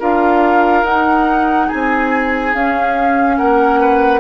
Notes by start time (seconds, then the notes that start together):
0.00 D4 F4 A#4 F5
0.83 D#4 F#5
1.67 C4 G#4 G#5
2.54 C#4 F5
3.37 A#3 A#4 F#5
3.80 B4